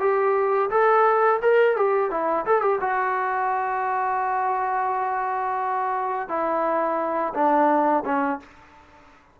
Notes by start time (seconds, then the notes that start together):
0.00 G4
0.71 A4
1.42 A#4
1.77 G4
2.11 E4
2.46 A4
2.62 G4
2.81 F#4
6.29 E4
7.34 D4
8.05 C#4